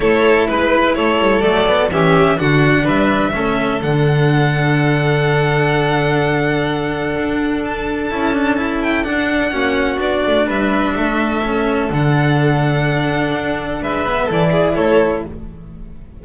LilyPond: <<
  \new Staff \with { instrumentName = "violin" } { \time 4/4 \tempo 4 = 126 cis''4 b'4 cis''4 d''4 | e''4 fis''4 e''2 | fis''1~ | fis''1 |
a''2~ a''8 g''8 fis''4~ | fis''4 d''4 e''2~ | e''4 fis''2.~ | fis''4 e''4 d''4 cis''4 | }
  \new Staff \with { instrumentName = "violin" } { \time 4/4 a'4 b'4 a'2 | g'4 fis'4 b'4 a'4~ | a'1~ | a'1~ |
a'1 | fis'2 b'4 a'4~ | a'1~ | a'4 b'4 a'8 gis'8 a'4 | }
  \new Staff \with { instrumentName = "cello" } { \time 4/4 e'2. a8 b8 | cis'4 d'2 cis'4 | d'1~ | d'1~ |
d'4 e'8 d'8 e'4 d'4 | cis'4 d'2. | cis'4 d'2.~ | d'4. b8 e'2 | }
  \new Staff \with { instrumentName = "double bass" } { \time 4/4 a4 gis4 a8 g8 fis4 | e4 d4 g4 a4 | d1~ | d2. d'4~ |
d'4 cis'2 d'4 | ais4 b8 a8 g4 a4~ | a4 d2. | d'4 gis4 e4 a4 | }
>>